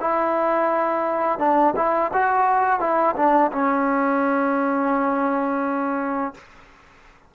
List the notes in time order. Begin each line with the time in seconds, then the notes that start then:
0.00 E4
1.39 D4
1.76 E4
2.13 F#4
2.80 E4
3.16 D4
3.52 C#4